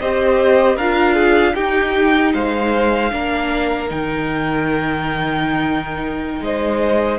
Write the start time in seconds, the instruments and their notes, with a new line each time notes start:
0.00 cello C4, viola G4, violin C5 D#5
0.76 cello D4, viola F4, violin A#4 F5
1.15 violin G#4
1.55 viola D#4, cello D#4, violin G4 G5
2.34 cello G#3, violin C5 F5
3.12 cello A#3, viola D4, violin A#4
3.89 cello D#3, viola D#4, violin G5
6.41 cello G#3, violin C5 D#5